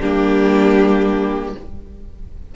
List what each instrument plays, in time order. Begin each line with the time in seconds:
0.00 cello G3, viola A#3, violin D4 G4